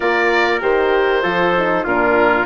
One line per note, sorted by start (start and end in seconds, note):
0.00 0.62 A#3
0.00 0.61 F4
0.00 1.22 A#4
0.00 0.60 D5
0.61 1.24 D#3
0.61 1.22 G4
0.61 1.85 C5
1.22 1.85 F3
1.22 1.53 F4
1.22 1.84 A4
1.57 1.86 D#4
1.84 2.45 A#2
1.84 2.45 D4
1.84 2.45 F4
1.84 2.45 A#4